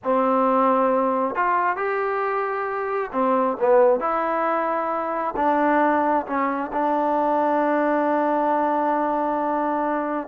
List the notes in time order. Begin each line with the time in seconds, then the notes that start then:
0.03 C4
1.35 F4
1.76 G4
3.12 C4
3.60 B3
4.00 E4
5.36 D4
6.26 C#4
6.72 D4